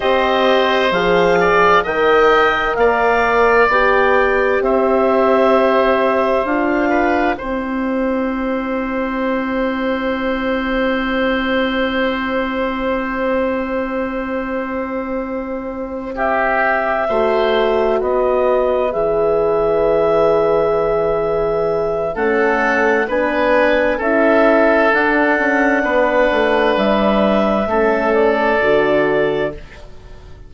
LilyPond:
<<
  \new Staff \with { instrumentName = "clarinet" } { \time 4/4 \tempo 4 = 65 dis''4 f''4 g''4 f''4 | g''4 e''2 f''4 | g''1~ | g''1~ |
g''4. e''2 dis''8~ | dis''8 e''2.~ e''8 | fis''4 gis''4 e''4 fis''4~ | fis''4 e''4. d''4. | }
  \new Staff \with { instrumentName = "oboe" } { \time 4/4 c''4. d''8 dis''4 d''4~ | d''4 c''2~ c''8 b'8 | c''1~ | c''1~ |
c''4. g'4 c''4 b'8~ | b'1 | a'4 b'4 a'2 | b'2 a'2 | }
  \new Staff \with { instrumentName = "horn" } { \time 4/4 g'4 gis'4 ais'2 | g'2. f'4 | e'1~ | e'1~ |
e'2~ e'8 fis'4.~ | fis'8 gis'2.~ gis'8 | cis'4 d'4 e'4 d'4~ | d'2 cis'4 fis'4 | }
  \new Staff \with { instrumentName = "bassoon" } { \time 4/4 c'4 f4 dis4 ais4 | b4 c'2 d'4 | c'1~ | c'1~ |
c'2~ c'8 a4 b8~ | b8 e2.~ e8 | a4 b4 cis'4 d'8 cis'8 | b8 a8 g4 a4 d4 | }
>>